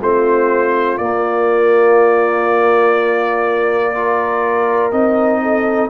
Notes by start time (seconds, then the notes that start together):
0.00 A3 C4 F4 C5
0.97 A#3 D5
3.94 F4 A#4
4.91 C4 D#4 D#5
5.42 A4